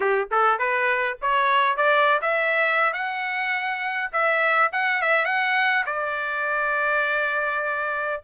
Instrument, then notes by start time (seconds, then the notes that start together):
trumpet
0.00 G4
0.31 A4
0.58 B4
1.21 C#5
1.76 D5
2.21 E5
2.93 F#5
4.12 E5
4.72 F#5
5.01 E5
5.25 F#5
5.86 D5